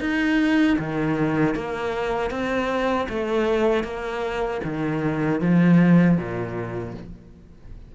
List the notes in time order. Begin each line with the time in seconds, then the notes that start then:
0.00 D#4
0.78 D#3
1.55 A#3
2.30 C4
3.09 A3
3.84 A#3
4.64 D#3
5.41 F3
6.17 A#2